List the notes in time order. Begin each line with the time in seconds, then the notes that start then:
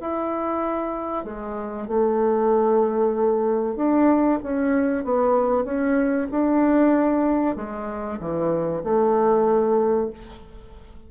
0.00 E4
1.24 G#3
1.87 A3
3.76 D4
4.43 C#4
5.04 B3
5.64 C#4
6.31 D4
7.56 G#3
8.20 E3
8.83 A3